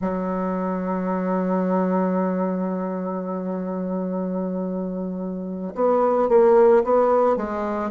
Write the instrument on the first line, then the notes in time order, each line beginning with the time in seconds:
bassoon
0.01 F#3
5.74 B3
6.28 A#3
6.83 B3
7.36 G#3